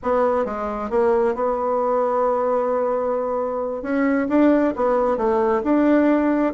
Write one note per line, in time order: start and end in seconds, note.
0.02 0.45 B3
0.45 0.89 G#3
0.89 1.34 A#3
1.34 3.82 B3
3.82 4.27 C#4
4.29 4.74 D4
4.76 5.17 B3
5.17 5.62 A3
5.63 6.53 D4